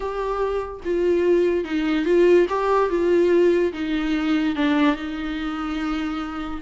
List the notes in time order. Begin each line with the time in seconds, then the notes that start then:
0.00 G4
0.84 F4
1.64 D#4
2.05 F4
2.49 G4
2.89 F4
3.72 D#4
4.55 D4
4.95 D#4